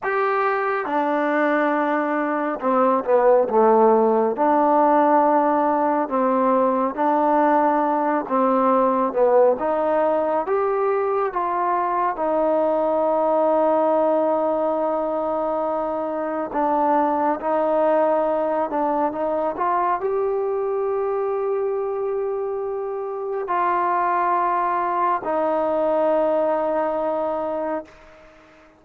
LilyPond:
\new Staff \with { instrumentName = "trombone" } { \time 4/4 \tempo 4 = 69 g'4 d'2 c'8 b8 | a4 d'2 c'4 | d'4. c'4 b8 dis'4 | g'4 f'4 dis'2~ |
dis'2. d'4 | dis'4. d'8 dis'8 f'8 g'4~ | g'2. f'4~ | f'4 dis'2. | }